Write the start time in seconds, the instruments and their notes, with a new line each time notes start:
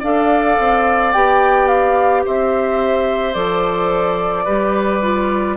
0.00 bassoon D4, clarinet A4, oboe D5, flute F5
0.59 bassoon C4
1.13 bassoon B3, clarinet G4, flute G5
1.68 flute F5
2.26 bassoon C4, oboe C5, flute E5
3.34 bassoon F3, clarinet A4, flute D5
4.45 bassoon G3, clarinet G4, oboe B4
5.02 clarinet F4